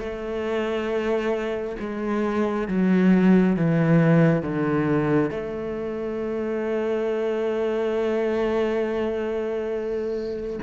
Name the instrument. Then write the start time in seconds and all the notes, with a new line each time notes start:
cello
0.00 A3
1.80 G#3
2.68 F#3
3.57 E3
4.43 D3
5.31 A3